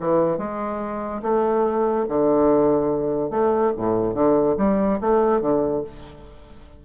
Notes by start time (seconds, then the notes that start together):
0.00 E3
0.38 G#3
1.22 A3
2.09 D3
3.31 A3
3.77 A2
4.14 D3
4.58 G3
5.01 A3
5.41 D3